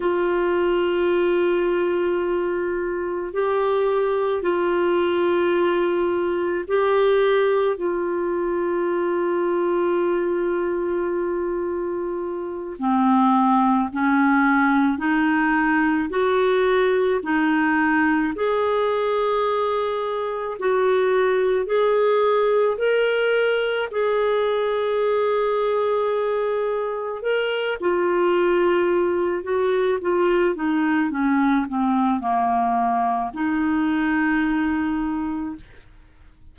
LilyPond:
\new Staff \with { instrumentName = "clarinet" } { \time 4/4 \tempo 4 = 54 f'2. g'4 | f'2 g'4 f'4~ | f'2.~ f'8 c'8~ | c'8 cis'4 dis'4 fis'4 dis'8~ |
dis'8 gis'2 fis'4 gis'8~ | gis'8 ais'4 gis'2~ gis'8~ | gis'8 ais'8 f'4. fis'8 f'8 dis'8 | cis'8 c'8 ais4 dis'2 | }